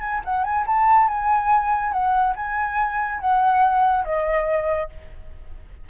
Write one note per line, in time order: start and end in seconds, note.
0.00 0.21 G#5
0.24 0.43 F#5
0.43 0.65 G#5
0.66 1.08 A5
1.08 1.92 G#5
1.92 2.34 F#5
2.36 3.20 G#5
3.20 4.04 F#5
4.04 4.89 D#5